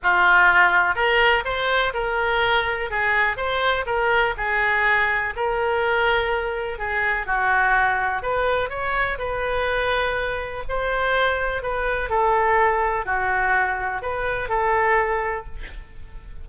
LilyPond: \new Staff \with { instrumentName = "oboe" } { \time 4/4 \tempo 4 = 124 f'2 ais'4 c''4 | ais'2 gis'4 c''4 | ais'4 gis'2 ais'4~ | ais'2 gis'4 fis'4~ |
fis'4 b'4 cis''4 b'4~ | b'2 c''2 | b'4 a'2 fis'4~ | fis'4 b'4 a'2 | }